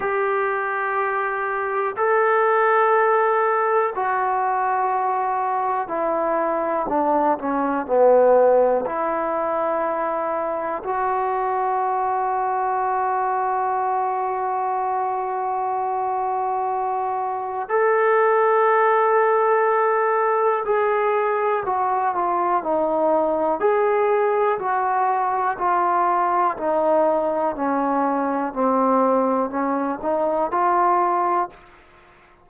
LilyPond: \new Staff \with { instrumentName = "trombone" } { \time 4/4 \tempo 4 = 61 g'2 a'2 | fis'2 e'4 d'8 cis'8 | b4 e'2 fis'4~ | fis'1~ |
fis'2 a'2~ | a'4 gis'4 fis'8 f'8 dis'4 | gis'4 fis'4 f'4 dis'4 | cis'4 c'4 cis'8 dis'8 f'4 | }